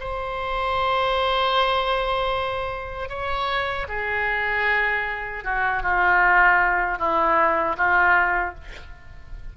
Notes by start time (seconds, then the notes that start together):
0.00 C5
3.09 C#5
3.89 G#4
5.44 F#4
5.83 F4
6.98 E4
7.77 F4